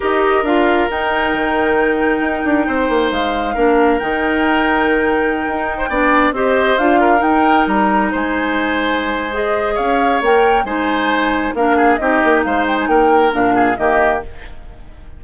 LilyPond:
<<
  \new Staff \with { instrumentName = "flute" } { \time 4/4 \tempo 4 = 135 dis''4 f''4 g''2~ | g''2. f''4~ | f''4 g''2.~ | g''2~ g''16 dis''4 f''8.~ |
f''16 g''4 ais''4 gis''4.~ gis''16~ | gis''4 dis''4 f''4 g''4 | gis''2 f''4 dis''4 | f''8 g''16 gis''16 g''4 f''4 dis''4 | }
  \new Staff \with { instrumentName = "oboe" } { \time 4/4 ais'1~ | ais'2 c''2 | ais'1~ | ais'4 c''16 d''4 c''4. ais'16~ |
ais'2~ ais'16 c''4.~ c''16~ | c''2 cis''2 | c''2 ais'8 gis'8 g'4 | c''4 ais'4. gis'8 g'4 | }
  \new Staff \with { instrumentName = "clarinet" } { \time 4/4 g'4 f'4 dis'2~ | dis'1 | d'4 dis'2.~ | dis'4~ dis'16 d'4 g'4 f'8.~ |
f'16 dis'2.~ dis'8.~ | dis'4 gis'2 ais'4 | dis'2 d'4 dis'4~ | dis'2 d'4 ais4 | }
  \new Staff \with { instrumentName = "bassoon" } { \time 4/4 dis'4 d'4 dis'4 dis4~ | dis4 dis'8 d'8 c'8 ais8 gis4 | ais4 dis2.~ | dis16 dis'4 b4 c'4 d'8.~ |
d'16 dis'4 g4 gis4.~ gis16~ | gis2 cis'4 ais4 | gis2 ais4 c'8 ais8 | gis4 ais4 ais,4 dis4 | }
>>